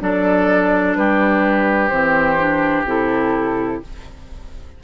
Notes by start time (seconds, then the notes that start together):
0.00 F#3 D4 A4 D5
0.96 G3 G4 B4
1.89 E3 C4 C5
2.39 D4
2.85 C3 E4 A4